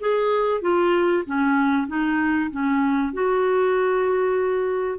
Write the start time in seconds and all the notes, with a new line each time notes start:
0.00 G#4
0.61 F4
1.26 C#4
1.88 D#4
2.51 C#4
3.13 F#4